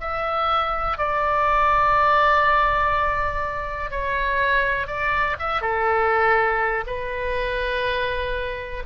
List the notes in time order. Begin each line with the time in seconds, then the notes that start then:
0.00 E5
0.98 D5
3.91 C#5
4.87 D5
5.39 E5
5.61 A4
6.86 B4